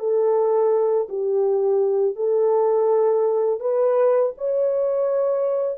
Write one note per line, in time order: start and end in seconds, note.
0.00 1.08 A4
1.09 2.16 G4
2.16 3.60 A4
3.60 4.32 B4
4.38 5.78 C#5